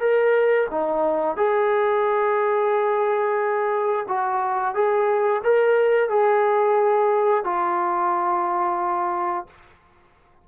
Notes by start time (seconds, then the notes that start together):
0.00 A#4
0.71 D#4
1.37 G#4
4.09 F#4
4.75 G#4
5.44 A#4
6.10 G#4
7.45 F4